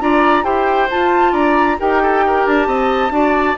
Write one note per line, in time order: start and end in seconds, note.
0.00 0.44 D4
0.00 0.43 F4
0.00 0.44 D5
0.00 0.44 A#5
0.43 0.88 E4
0.43 0.88 G4
0.43 1.32 C5
0.43 0.88 G5
0.90 1.79 F4
0.90 1.33 F4
0.90 1.34 A5
1.32 1.77 D4
1.32 1.76 D5
1.32 1.78 A#5
1.79 2.46 D#4
1.79 3.10 G4
1.79 2.02 A#4
1.79 2.46 G5
2.02 2.24 A4
2.26 2.67 A#4
2.46 2.67 D4
2.46 3.57 A5
2.67 3.10 C4
2.67 3.12 D#5
3.10 3.54 D4
3.10 3.55 F#4
3.10 3.57 D5